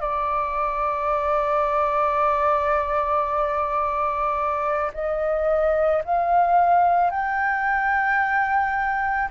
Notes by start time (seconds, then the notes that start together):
0.00 D5
4.94 D#5
6.05 F5
7.11 G5